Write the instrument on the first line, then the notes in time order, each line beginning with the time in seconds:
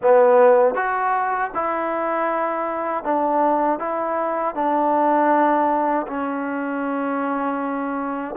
trombone
0.02 B3
0.75 F#4
1.54 E4
3.03 D4
3.79 E4
4.54 D4
6.07 C#4